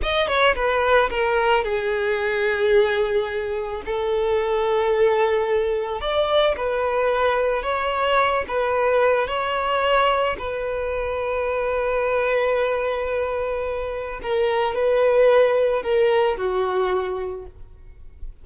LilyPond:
\new Staff \with { instrumentName = "violin" } { \time 4/4 \tempo 4 = 110 dis''8 cis''8 b'4 ais'4 gis'4~ | gis'2. a'4~ | a'2. d''4 | b'2 cis''4. b'8~ |
b'4 cis''2 b'4~ | b'1~ | b'2 ais'4 b'4~ | b'4 ais'4 fis'2 | }